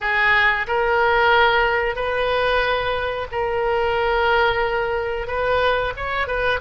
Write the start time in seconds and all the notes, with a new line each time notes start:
0.01 G#4
0.67 A#4
1.95 B4
3.31 A#4
5.27 B4
5.96 C#5
6.27 B4